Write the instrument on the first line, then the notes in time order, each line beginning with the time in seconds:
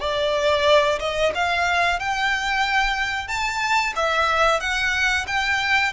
violin
0.00 D5
0.99 D#5
1.34 F5
1.99 G5
3.27 A5
3.96 E5
4.60 F#5
5.27 G5